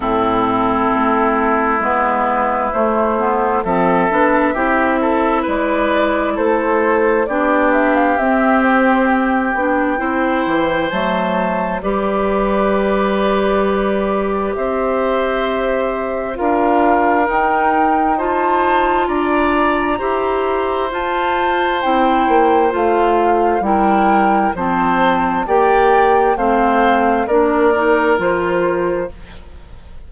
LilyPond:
<<
  \new Staff \with { instrumentName = "flute" } { \time 4/4 \tempo 4 = 66 a'2 b'4 c''4 | e''2 d''4 c''4 | d''8 e''16 f''16 e''8 c''8 g''2 | a''4 d''2. |
e''2 f''4 g''4 | a''4 ais''2 a''4 | g''4 f''4 g''4 a''4 | g''4 f''4 d''4 c''4 | }
  \new Staff \with { instrumentName = "oboe" } { \time 4/4 e'1 | a'4 g'8 a'8 b'4 a'4 | g'2. c''4~ | c''4 b'2. |
c''2 ais'2 | c''4 d''4 c''2~ | c''2 ais'4 c''4 | d''4 c''4 ais'2 | }
  \new Staff \with { instrumentName = "clarinet" } { \time 4/4 c'2 b4 a8 b8 | c'8 d'8 e'2. | d'4 c'4. d'8 e'4 | a4 g'2.~ |
g'2 f'4 dis'4 | f'2 g'4 f'4 | e'4 f'4 e'4 c'4 | g'4 c'4 d'8 dis'8 f'4 | }
  \new Staff \with { instrumentName = "bassoon" } { \time 4/4 a,4 a4 gis4 a4 | f8 b8 c'4 gis4 a4 | b4 c'4. b8 c'8 e8 | fis4 g2. |
c'2 d'4 dis'4~ | dis'4 d'4 e'4 f'4 | c'8 ais8 a4 g4 f4 | ais4 a4 ais4 f4 | }
>>